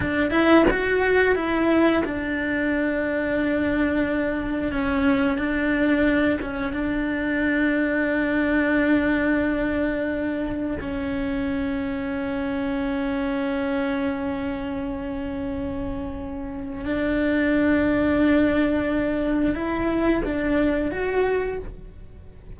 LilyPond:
\new Staff \with { instrumentName = "cello" } { \time 4/4 \tempo 4 = 89 d'8 e'8 fis'4 e'4 d'4~ | d'2. cis'4 | d'4. cis'8 d'2~ | d'1 |
cis'1~ | cis'1~ | cis'4 d'2.~ | d'4 e'4 d'4 fis'4 | }